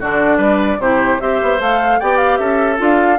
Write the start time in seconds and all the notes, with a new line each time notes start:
0.00 D3 D4 F#4 D5
0.38 G3 B4
0.79 C3 E4 G4 C5
1.20 C4 G4 C5 E5
1.42 B3
1.59 A3 A4 F5
2.00 B3 G4 D5 G5
2.17 F5
2.37 C#4 A4 E5
2.77 D4 F4 F5